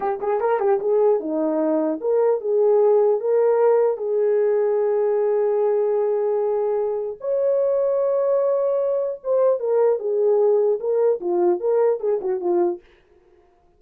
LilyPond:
\new Staff \with { instrumentName = "horn" } { \time 4/4 \tempo 4 = 150 g'8 gis'8 ais'8 g'8 gis'4 dis'4~ | dis'4 ais'4 gis'2 | ais'2 gis'2~ | gis'1~ |
gis'2 cis''2~ | cis''2. c''4 | ais'4 gis'2 ais'4 | f'4 ais'4 gis'8 fis'8 f'4 | }